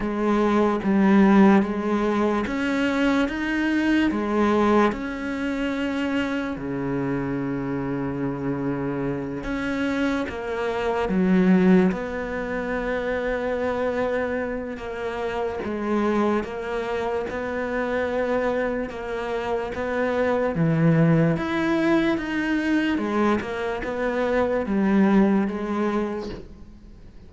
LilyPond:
\new Staff \with { instrumentName = "cello" } { \time 4/4 \tempo 4 = 73 gis4 g4 gis4 cis'4 | dis'4 gis4 cis'2 | cis2.~ cis8 cis'8~ | cis'8 ais4 fis4 b4.~ |
b2 ais4 gis4 | ais4 b2 ais4 | b4 e4 e'4 dis'4 | gis8 ais8 b4 g4 gis4 | }